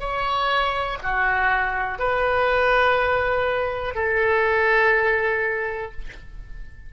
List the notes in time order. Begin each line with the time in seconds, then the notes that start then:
0.00 C#5
1.03 F#4
1.99 B4
3.95 A4